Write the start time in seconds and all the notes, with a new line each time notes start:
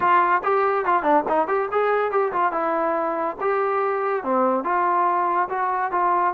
0.00 F4
0.43 G4
0.85 F4
1.02 D4
1.28 D#4
1.47 G4
1.71 G#4
2.11 G4
2.32 F4
2.52 E4
3.40 G4
4.23 C4
4.64 F4
5.49 F#4
5.91 F4